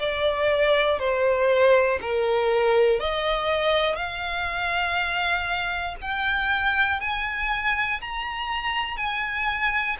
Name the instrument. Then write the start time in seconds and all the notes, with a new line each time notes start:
violin
0.00 D5
0.99 C5
2.01 A#4
3.00 D#5
3.96 F5
6.01 G5
7.00 G#5
8.01 A#5
8.97 G#5